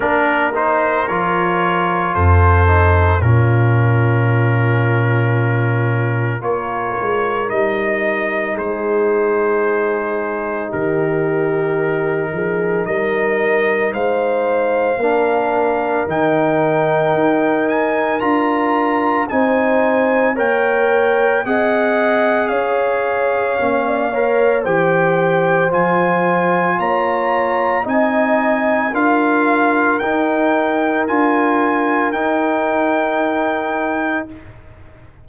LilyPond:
<<
  \new Staff \with { instrumentName = "trumpet" } { \time 4/4 \tempo 4 = 56 ais'8 c''8 cis''4 c''4 ais'4~ | ais'2 cis''4 dis''4 | c''2 ais'2 | dis''4 f''2 g''4~ |
g''8 gis''8 ais''4 gis''4 g''4 | fis''4 f''2 g''4 | gis''4 ais''4 gis''4 f''4 | g''4 gis''4 g''2 | }
  \new Staff \with { instrumentName = "horn" } { \time 4/4 ais'2 a'4 f'4~ | f'2 ais'2 | gis'2 g'4. gis'8 | ais'4 c''4 ais'2~ |
ais'2 c''4 cis''4 | dis''4 cis''4~ cis''16 d''16 cis''8 c''4~ | c''4 cis''4 dis''4 ais'4~ | ais'1 | }
  \new Staff \with { instrumentName = "trombone" } { \time 4/4 d'8 dis'8 f'4. dis'8 cis'4~ | cis'2 f'4 dis'4~ | dis'1~ | dis'2 d'4 dis'4~ |
dis'4 f'4 dis'4 ais'4 | gis'2 cis'8 ais'8 g'4 | f'2 dis'4 f'4 | dis'4 f'4 dis'2 | }
  \new Staff \with { instrumentName = "tuba" } { \time 4/4 ais4 f4 f,4 ais,4~ | ais,2 ais8 gis8 g4 | gis2 dis4. f8 | g4 gis4 ais4 dis4 |
dis'4 d'4 c'4 ais4 | c'4 cis'4 ais4 e4 | f4 ais4 c'4 d'4 | dis'4 d'4 dis'2 | }
>>